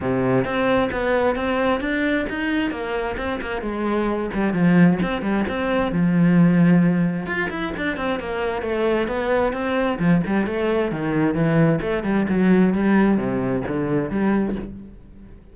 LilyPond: \new Staff \with { instrumentName = "cello" } { \time 4/4 \tempo 4 = 132 c4 c'4 b4 c'4 | d'4 dis'4 ais4 c'8 ais8 | gis4. g8 f4 c'8 g8 | c'4 f2. |
f'8 e'8 d'8 c'8 ais4 a4 | b4 c'4 f8 g8 a4 | dis4 e4 a8 g8 fis4 | g4 c4 d4 g4 | }